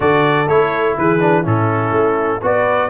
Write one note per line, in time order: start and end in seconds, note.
0.00 0.48 D3
0.00 0.45 F#4
0.00 0.96 A4
0.00 0.48 D5
0.48 0.96 A3
0.48 1.19 E4
0.48 0.97 C#5
0.98 1.45 E3
0.98 1.42 G#4
0.98 1.46 B4
1.19 1.43 D4
1.42 1.91 A2
1.42 2.40 C#4
1.42 2.39 E4
1.42 2.43 A4
1.91 2.40 A3
2.42 2.90 B3
2.42 2.90 F#4
2.42 2.90 B4
2.42 2.90 D5